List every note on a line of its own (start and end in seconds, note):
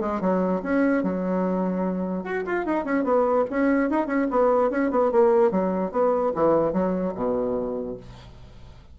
0.00 0.20 G#3
0.20 0.61 F#3
0.62 1.03 C#4
1.03 2.23 F#3
2.23 2.44 F#4
2.45 2.65 F4
2.65 2.84 D#4
2.84 3.03 C#4
3.03 3.44 B3
3.50 3.90 C#4
3.90 4.06 D#4
4.06 4.27 C#4
4.30 4.70 B3
4.70 4.90 C#4
4.91 5.11 B3
5.11 5.51 A#3
5.51 5.91 F#3
5.91 6.32 B3
6.34 6.72 E3
6.72 7.13 F#3
7.14 7.96 B2